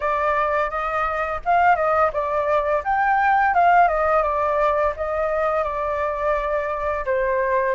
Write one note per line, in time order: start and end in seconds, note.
0.00 0.70 D5
0.70 1.40 D#5
1.45 1.75 F5
1.75 2.10 D#5
2.12 2.83 D5
2.84 3.54 G5
3.54 3.88 F5
3.88 4.23 D#5
4.23 4.93 D5
4.96 5.63 D#5
5.63 7.04 D5
7.05 7.75 C5